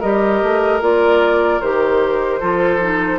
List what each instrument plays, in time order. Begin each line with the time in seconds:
0.00 bassoon G3, clarinet G4, oboe A#4, flute D#5
0.42 bassoon A3
0.81 bassoon A#3, clarinet F4, flute D5
1.61 bassoon D#3, clarinet G4, flute C5
2.40 bassoon F3, clarinet F4, oboe A4
2.81 clarinet D#4